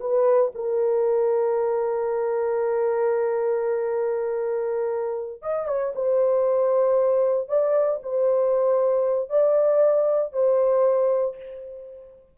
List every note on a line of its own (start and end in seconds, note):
0.00 0.52 B4
0.55 5.42 A#4
5.42 5.67 D#5
5.67 5.93 C#5
5.95 7.48 C5
7.48 8.00 D5
8.03 9.29 C5
9.29 10.33 D5
10.33 11.36 C5